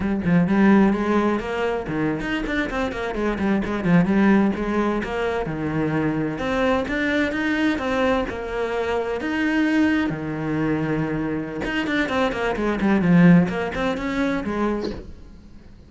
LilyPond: \new Staff \with { instrumentName = "cello" } { \time 4/4 \tempo 4 = 129 g8 f8 g4 gis4 ais4 | dis8. dis'8 d'8 c'8 ais8 gis8 g8 gis16~ | gis16 f8 g4 gis4 ais4 dis16~ | dis4.~ dis16 c'4 d'4 dis'16~ |
dis'8. c'4 ais2 dis'16~ | dis'4.~ dis'16 dis2~ dis16~ | dis4 dis'8 d'8 c'8 ais8 gis8 g8 | f4 ais8 c'8 cis'4 gis4 | }